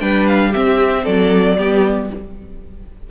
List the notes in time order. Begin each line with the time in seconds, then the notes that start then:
0.00 G3 D4 B4 G5
0.28 F5
0.50 C4 G4 E5
0.57 C4
1.04 F#3 A4 D5
1.58 G3 B3 G4